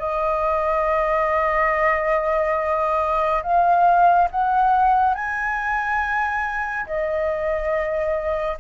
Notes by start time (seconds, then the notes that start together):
0.00 D#5
3.43 F5
4.31 F#5
5.15 G#5
6.86 D#5